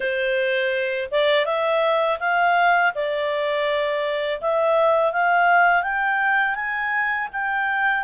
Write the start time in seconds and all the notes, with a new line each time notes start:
0.00 C5
1.11 D5
1.45 E5
2.19 F5
2.94 D5
4.41 E5
5.12 F5
5.82 G5
6.55 G#5
7.32 G5